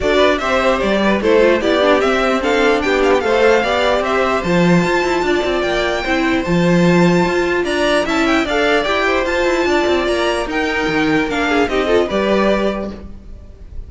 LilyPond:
<<
  \new Staff \with { instrumentName = "violin" } { \time 4/4 \tempo 4 = 149 d''4 e''4 d''4 c''4 | d''4 e''4 f''4 g''8 f''16 g''16 | f''2 e''4 a''4~ | a''2 g''2 |
a''2. ais''4 | a''8 g''8 f''4 g''4 a''4~ | a''4 ais''4 g''2 | f''4 dis''4 d''2 | }
  \new Staff \with { instrumentName = "violin" } { \time 4/4 a'8 b'8 c''4. b'8 a'4 | g'2 a'4 g'4 | c''4 d''4 c''2~ | c''4 d''2 c''4~ |
c''2. d''4 | e''4 d''4. c''4. | d''2 ais'2~ | ais'8 gis'8 g'8 a'8 b'2 | }
  \new Staff \with { instrumentName = "viola" } { \time 4/4 fis'4 g'2 e'8 f'8 | e'8 d'8 c'4 d'2 | a'4 g'2 f'4~ | f'2. e'4 |
f'1 | e'4 a'4 g'4 f'4~ | f'2 dis'2 | d'4 dis'8 f'8 g'2 | }
  \new Staff \with { instrumentName = "cello" } { \time 4/4 d'4 c'4 g4 a4 | b4 c'2 b4 | a4 b4 c'4 f4 | f'8 e'8 d'8 c'8 ais4 c'4 |
f2 f'4 d'4 | cis'4 d'4 e'4 f'8 e'8 | d'8 c'8 ais4 dis'4 dis4 | ais4 c'4 g2 | }
>>